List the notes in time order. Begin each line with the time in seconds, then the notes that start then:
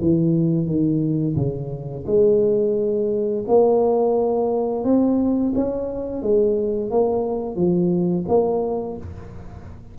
0.00 E3
0.66 D#3
1.35 C#3
2.06 G#3
3.47 A#3
4.84 C4
5.55 C#4
6.22 G#3
6.90 A#3
7.55 F3
8.28 A#3